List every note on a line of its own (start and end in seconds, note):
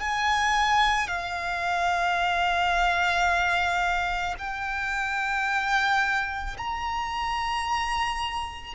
0.00 1.08 G#5
1.08 4.35 F5
4.38 6.57 G5
6.57 8.74 A#5